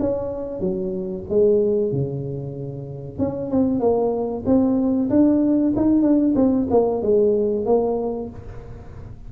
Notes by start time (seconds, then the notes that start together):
0.00 C#4
0.60 F#3
1.30 G#3
1.92 C#3
3.19 C#4
3.51 C4
3.80 A#3
4.46 C4
5.10 D4
5.76 D#4
6.03 D4
6.36 C4
6.71 A#3
7.03 G#3
7.66 A#3